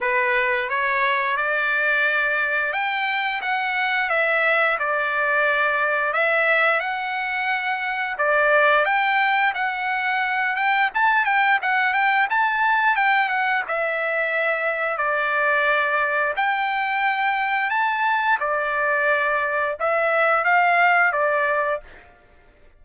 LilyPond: \new Staff \with { instrumentName = "trumpet" } { \time 4/4 \tempo 4 = 88 b'4 cis''4 d''2 | g''4 fis''4 e''4 d''4~ | d''4 e''4 fis''2 | d''4 g''4 fis''4. g''8 |
a''8 g''8 fis''8 g''8 a''4 g''8 fis''8 | e''2 d''2 | g''2 a''4 d''4~ | d''4 e''4 f''4 d''4 | }